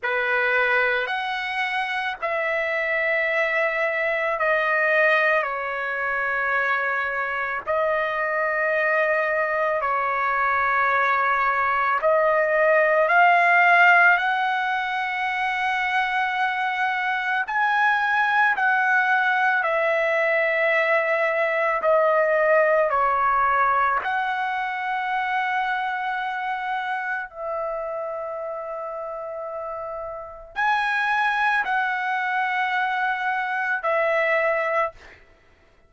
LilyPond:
\new Staff \with { instrumentName = "trumpet" } { \time 4/4 \tempo 4 = 55 b'4 fis''4 e''2 | dis''4 cis''2 dis''4~ | dis''4 cis''2 dis''4 | f''4 fis''2. |
gis''4 fis''4 e''2 | dis''4 cis''4 fis''2~ | fis''4 e''2. | gis''4 fis''2 e''4 | }